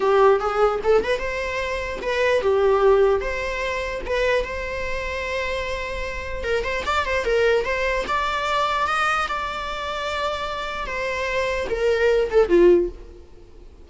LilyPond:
\new Staff \with { instrumentName = "viola" } { \time 4/4 \tempo 4 = 149 g'4 gis'4 a'8 b'8 c''4~ | c''4 b'4 g'2 | c''2 b'4 c''4~ | c''1 |
ais'8 c''8 d''8 c''8 ais'4 c''4 | d''2 dis''4 d''4~ | d''2. c''4~ | c''4 ais'4. a'8 f'4 | }